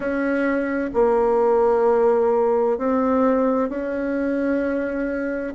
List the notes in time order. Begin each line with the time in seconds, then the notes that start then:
0.00 C#4
0.93 A#3
2.77 C4
3.69 C#4